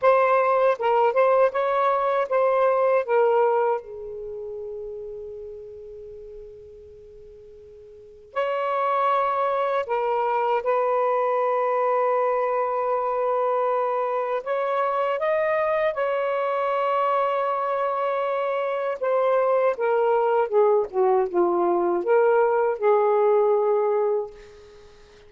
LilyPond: \new Staff \with { instrumentName = "saxophone" } { \time 4/4 \tempo 4 = 79 c''4 ais'8 c''8 cis''4 c''4 | ais'4 gis'2.~ | gis'2. cis''4~ | cis''4 ais'4 b'2~ |
b'2. cis''4 | dis''4 cis''2.~ | cis''4 c''4 ais'4 gis'8 fis'8 | f'4 ais'4 gis'2 | }